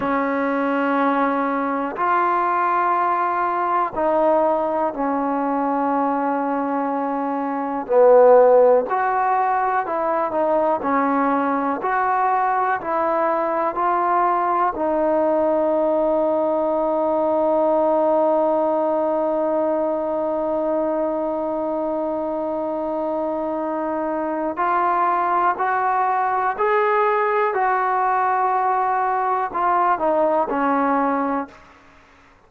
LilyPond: \new Staff \with { instrumentName = "trombone" } { \time 4/4 \tempo 4 = 61 cis'2 f'2 | dis'4 cis'2. | b4 fis'4 e'8 dis'8 cis'4 | fis'4 e'4 f'4 dis'4~ |
dis'1~ | dis'1~ | dis'4 f'4 fis'4 gis'4 | fis'2 f'8 dis'8 cis'4 | }